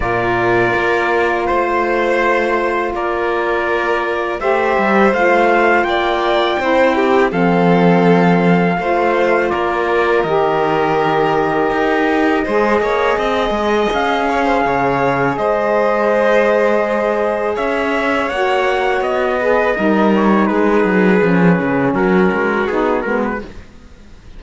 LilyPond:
<<
  \new Staff \with { instrumentName = "trumpet" } { \time 4/4 \tempo 4 = 82 d''2 c''2 | d''2 e''4 f''4 | g''2 f''2~ | f''4 d''4 dis''2~ |
dis''2. f''4~ | f''4 dis''2. | e''4 fis''4 dis''4. cis''8 | b'2 ais'4 gis'8 ais'16 b'16 | }
  \new Staff \with { instrumentName = "violin" } { \time 4/4 ais'2 c''2 | ais'2 c''2 | d''4 c''8 g'8 a'2 | c''4 ais'2.~ |
ais'4 c''8 cis''8 dis''4. cis''16 c''16 | cis''4 c''2. | cis''2~ cis''8 b'8 ais'4 | gis'2 fis'2 | }
  \new Staff \with { instrumentName = "saxophone" } { \time 4/4 f'1~ | f'2 g'4 f'4~ | f'4 e'4 c'2 | f'2 g'2~ |
g'4 gis'2.~ | gis'1~ | gis'4 fis'4. gis'8 dis'4~ | dis'4 cis'2 dis'8 b8 | }
  \new Staff \with { instrumentName = "cello" } { \time 4/4 ais,4 ais4 a2 | ais2 a8 g8 a4 | ais4 c'4 f2 | a4 ais4 dis2 |
dis'4 gis8 ais8 c'8 gis8 cis'4 | cis4 gis2. | cis'4 ais4 b4 g4 | gis8 fis8 f8 cis8 fis8 gis8 b8 gis8 | }
>>